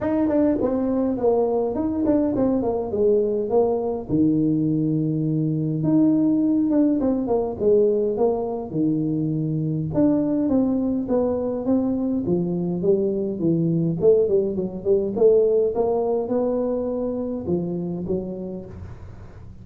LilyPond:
\new Staff \with { instrumentName = "tuba" } { \time 4/4 \tempo 4 = 103 dis'8 d'8 c'4 ais4 dis'8 d'8 | c'8 ais8 gis4 ais4 dis4~ | dis2 dis'4. d'8 | c'8 ais8 gis4 ais4 dis4~ |
dis4 d'4 c'4 b4 | c'4 f4 g4 e4 | a8 g8 fis8 g8 a4 ais4 | b2 f4 fis4 | }